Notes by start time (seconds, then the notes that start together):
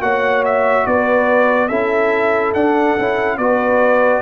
0.00 A#3 F#4 C#5 F#5
0.44 E5
0.86 B3 B4 D5
1.68 C#4 E4 A4 E5
2.54 D4 F#5
2.98 C#4 E4
3.37 B3 F#4 B4 D5